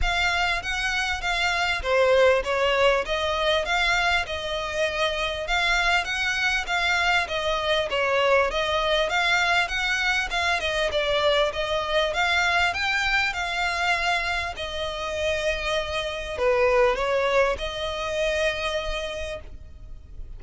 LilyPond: \new Staff \with { instrumentName = "violin" } { \time 4/4 \tempo 4 = 99 f''4 fis''4 f''4 c''4 | cis''4 dis''4 f''4 dis''4~ | dis''4 f''4 fis''4 f''4 | dis''4 cis''4 dis''4 f''4 |
fis''4 f''8 dis''8 d''4 dis''4 | f''4 g''4 f''2 | dis''2. b'4 | cis''4 dis''2. | }